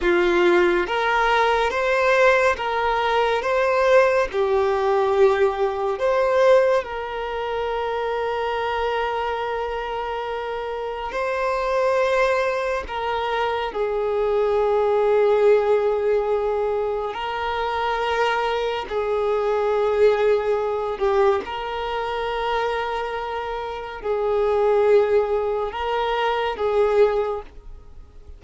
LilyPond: \new Staff \with { instrumentName = "violin" } { \time 4/4 \tempo 4 = 70 f'4 ais'4 c''4 ais'4 | c''4 g'2 c''4 | ais'1~ | ais'4 c''2 ais'4 |
gis'1 | ais'2 gis'2~ | gis'8 g'8 ais'2. | gis'2 ais'4 gis'4 | }